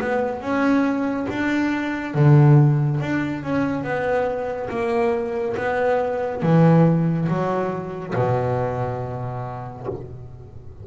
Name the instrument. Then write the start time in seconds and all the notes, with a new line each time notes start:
double bass
0.00 B3
0.41 C#4
1.29 D4
2.14 D3
3.00 D4
3.43 C#4
3.83 B3
4.69 A#3
5.56 B3
6.42 E3
7.28 F#3
8.15 B2